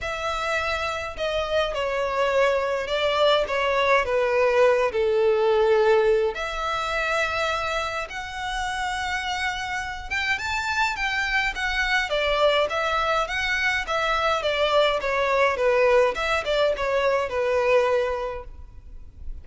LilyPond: \new Staff \with { instrumentName = "violin" } { \time 4/4 \tempo 4 = 104 e''2 dis''4 cis''4~ | cis''4 d''4 cis''4 b'4~ | b'8 a'2~ a'8 e''4~ | e''2 fis''2~ |
fis''4. g''8 a''4 g''4 | fis''4 d''4 e''4 fis''4 | e''4 d''4 cis''4 b'4 | e''8 d''8 cis''4 b'2 | }